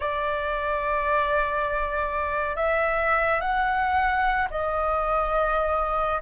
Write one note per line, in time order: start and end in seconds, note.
0.00 2.56 D5
2.56 3.41 E5
3.41 4.48 F#5
4.50 6.21 D#5